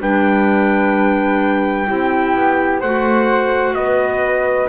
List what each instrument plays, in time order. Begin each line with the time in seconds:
0.00 double bass G3, clarinet D4, flute B4, trumpet G5
1.86 double bass C4, clarinet E4, flute G4
2.36 double bass B3
2.80 double bass A3, clarinet F#4, flute C5, trumpet F#5
3.73 double bass B3, flute B4, trumpet D#5